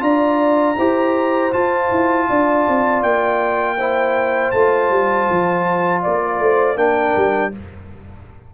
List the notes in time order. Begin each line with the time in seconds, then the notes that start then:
0.00 D4 F4 D5 A#5
0.77 E4 G4 C5
1.52 F4 A5
1.91 E4
2.29 D4 D5
2.68 C4
3.03 A#3 G5
3.78 E4 C5
4.51 A3 F4 A5
4.90 G3
5.30 F3
6.02 A#3 D5
6.40 A3 C5
6.76 A#3 D4 A#4 G5
7.17 G3